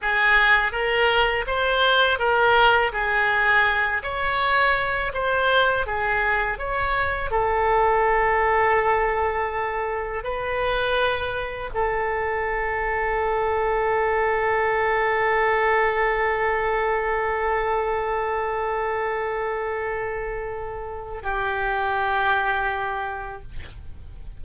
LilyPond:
\new Staff \with { instrumentName = "oboe" } { \time 4/4 \tempo 4 = 82 gis'4 ais'4 c''4 ais'4 | gis'4. cis''4. c''4 | gis'4 cis''4 a'2~ | a'2 b'2 |
a'1~ | a'1~ | a'1~ | a'4 g'2. | }